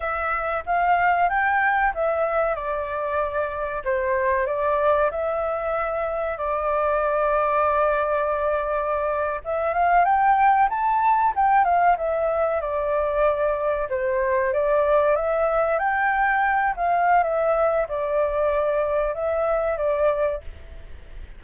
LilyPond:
\new Staff \with { instrumentName = "flute" } { \time 4/4 \tempo 4 = 94 e''4 f''4 g''4 e''4 | d''2 c''4 d''4 | e''2 d''2~ | d''2~ d''8. e''8 f''8 g''16~ |
g''8. a''4 g''8 f''8 e''4 d''16~ | d''4.~ d''16 c''4 d''4 e''16~ | e''8. g''4. f''8. e''4 | d''2 e''4 d''4 | }